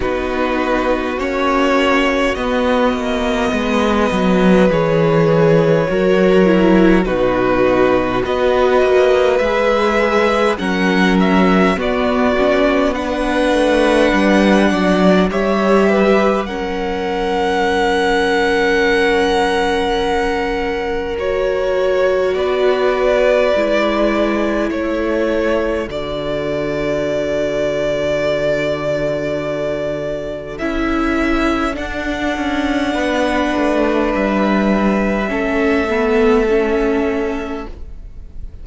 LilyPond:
<<
  \new Staff \with { instrumentName = "violin" } { \time 4/4 \tempo 4 = 51 b'4 cis''4 dis''2 | cis''2 b'4 dis''4 | e''4 fis''8 e''8 d''4 fis''4~ | fis''4 e''4 fis''2~ |
fis''2 cis''4 d''4~ | d''4 cis''4 d''2~ | d''2 e''4 fis''4~ | fis''4 e''2. | }
  \new Staff \with { instrumentName = "violin" } { \time 4/4 fis'2. b'4~ | b'4 ais'4 fis'4 b'4~ | b'4 ais'4 fis'4 b'4~ | b'8 d''8 cis''8 b'8 ais'2~ |
ais'2. b'4~ | b'4 a'2.~ | a'1 | b'2 a'2 | }
  \new Staff \with { instrumentName = "viola" } { \time 4/4 dis'4 cis'4 b2 | gis'4 fis'8 e'8 dis'4 fis'4 | gis'4 cis'4 b8 cis'8 d'4~ | d'4 g'4 cis'2~ |
cis'2 fis'2 | e'2 fis'2~ | fis'2 e'4 d'4~ | d'2 cis'8 b8 cis'4 | }
  \new Staff \with { instrumentName = "cello" } { \time 4/4 b4 ais4 b8 ais8 gis8 fis8 | e4 fis4 b,4 b8 ais8 | gis4 fis4 b4. a8 | g8 fis8 g4 fis2~ |
fis2. b4 | gis4 a4 d2~ | d2 cis'4 d'8 cis'8 | b8 a8 g4 a2 | }
>>